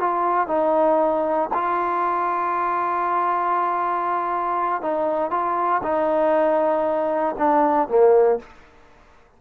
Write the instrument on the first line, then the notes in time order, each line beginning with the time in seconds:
trombone
0.00 F4
0.48 D#4
1.54 F4
4.82 D#4
5.31 F4
5.83 D#4
7.38 D4
7.89 A#3